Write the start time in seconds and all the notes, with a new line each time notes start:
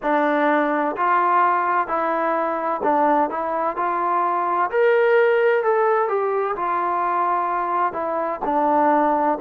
0.02 D4
0.96 F4
1.87 E4
2.83 D4
3.30 E4
3.76 F4
4.70 A#4
5.63 A4
6.08 G4
6.56 F4
7.93 E4
8.44 D4